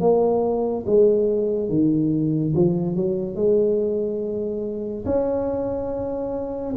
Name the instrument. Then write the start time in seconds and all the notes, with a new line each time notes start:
tuba
0.00 A#3
0.86 G#3
1.69 D#3
2.55 F3
2.96 F#3
3.35 G#3
5.06 C#4